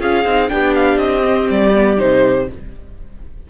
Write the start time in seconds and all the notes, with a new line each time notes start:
0.00 C#4 F4 G#4 F5
0.25 C4 D#4
0.49 B3 D4 G4 G5
0.75 F5
0.98 C4 D#5
1.24 C4
1.51 G3 D5
1.75 B3
1.98 C3 D#4 C5